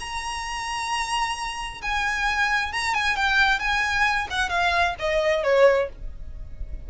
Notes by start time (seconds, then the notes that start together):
0.00 A#5
1.82 G#5
2.73 A#5
2.94 G#5
3.16 G5
3.60 G#5
4.31 F#5
4.50 F5
4.99 D#5
5.44 C#5